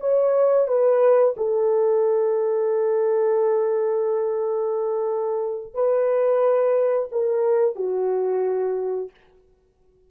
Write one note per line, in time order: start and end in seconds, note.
0.00 0.67 C#5
0.67 1.35 B4
1.37 5.74 A4
5.74 7.09 B4
7.12 7.76 A#4
7.76 9.10 F#4